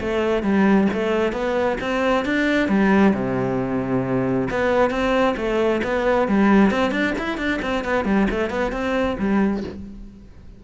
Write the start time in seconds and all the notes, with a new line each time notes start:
0.00 A3
0.43 G3
0.93 A3
1.32 B3
1.81 C4
2.25 D4
2.68 G3
3.14 C3
4.50 B3
4.91 C4
5.37 A3
5.83 B3
6.28 G3
6.71 C4
6.91 D4
7.18 E4
7.38 D4
7.62 C4
7.84 B3
8.05 G3
8.30 A3
8.50 B3
8.72 C4
9.19 G3